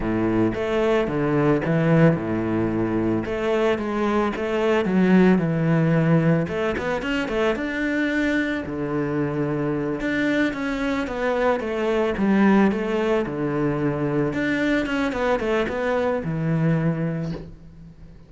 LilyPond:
\new Staff \with { instrumentName = "cello" } { \time 4/4 \tempo 4 = 111 a,4 a4 d4 e4 | a,2 a4 gis4 | a4 fis4 e2 | a8 b8 cis'8 a8 d'2 |
d2~ d8 d'4 cis'8~ | cis'8 b4 a4 g4 a8~ | a8 d2 d'4 cis'8 | b8 a8 b4 e2 | }